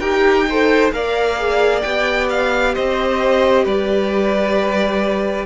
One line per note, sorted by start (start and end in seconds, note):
0.00 0.92 D#4
0.00 0.47 G4
0.00 0.46 A#4
0.00 0.91 G5
0.49 0.92 A4
0.49 0.95 C5
0.92 1.84 A#3
0.92 1.38 A#4
0.92 2.74 D5
0.92 1.82 F5
1.38 1.83 G#4
1.82 2.77 B3
1.82 5.46 G4
1.82 2.27 G5
2.30 2.75 F5
2.74 3.66 C4
2.74 3.64 C5
2.74 3.66 D#5
3.64 5.46 G3
3.64 5.46 B4
3.64 5.46 D5